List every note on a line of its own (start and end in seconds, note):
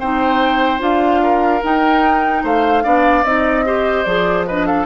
0.00 0.81 C4
0.00 0.79 D#4
0.00 1.22 C5
0.00 0.81 G5
0.79 1.62 D4
0.79 1.60 F4
0.79 1.64 F5
1.23 2.44 A#4
1.64 2.84 D#4
1.64 2.44 D#4
1.64 2.45 G5
2.44 2.85 A3
2.44 2.84 C5
2.44 3.25 F5
2.84 3.24 B3
2.84 3.24 D4
2.84 3.65 D5
3.24 4.05 C4
3.24 3.66 D#4
3.24 4.04 D#5
3.66 4.06 G4
3.66 4.47 C5
4.04 4.87 F3
4.04 4.48 G#4
4.04 4.45 D5
4.47 4.87 D4
4.47 4.67 B4
4.47 4.67 D#5
4.67 4.87 A4
4.67 4.87 F5